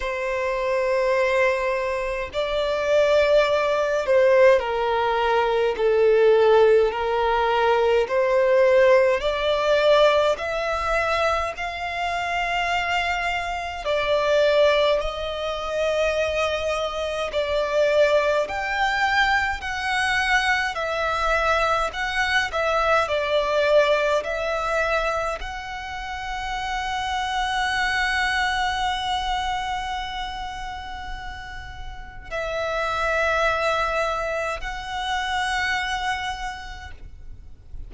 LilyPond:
\new Staff \with { instrumentName = "violin" } { \time 4/4 \tempo 4 = 52 c''2 d''4. c''8 | ais'4 a'4 ais'4 c''4 | d''4 e''4 f''2 | d''4 dis''2 d''4 |
g''4 fis''4 e''4 fis''8 e''8 | d''4 e''4 fis''2~ | fis''1 | e''2 fis''2 | }